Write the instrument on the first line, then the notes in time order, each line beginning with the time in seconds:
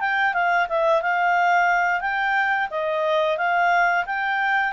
clarinet
0.00 G5
0.33 F5
0.69 E5
1.02 F5
2.01 G5
2.70 D#5
3.38 F5
4.06 G5